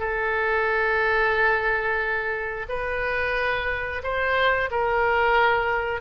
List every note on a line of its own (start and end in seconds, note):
0.00 2.67 A4
2.69 4.02 B4
4.03 4.70 C5
4.71 6.01 A#4